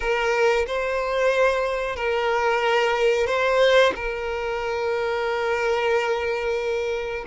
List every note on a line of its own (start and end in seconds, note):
0.00 0.66 A#4
0.66 1.96 C5
1.96 3.26 A#4
3.26 3.92 C5
3.95 7.24 A#4